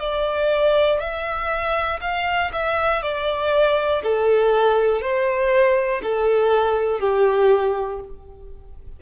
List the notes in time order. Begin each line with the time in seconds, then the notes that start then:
0.00 D5
1.00 E5
2.01 F5
2.52 E5
3.02 D5
4.03 A4
5.01 C5
6.02 A4
7.00 G4